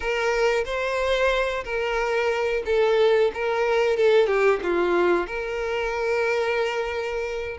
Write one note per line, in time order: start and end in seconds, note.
0.00 0.64 A#4
0.65 1.64 C5
1.64 2.63 A#4
2.65 3.31 A4
3.34 3.97 A#4
3.97 4.26 A4
4.26 4.59 G4
4.62 5.26 F4
5.26 7.57 A#4